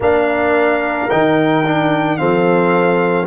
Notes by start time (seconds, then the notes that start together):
0.00 A#3 D4 A#4 F5
1.10 D#3 D#4 G5
1.65 D4
2.17 F3 C4 A4 F5